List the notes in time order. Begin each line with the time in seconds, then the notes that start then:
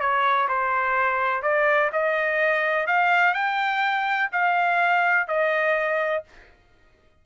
0.00 C#5
0.48 C5
1.42 D5
1.92 D#5
2.87 F5
3.34 G5
4.32 F5
5.28 D#5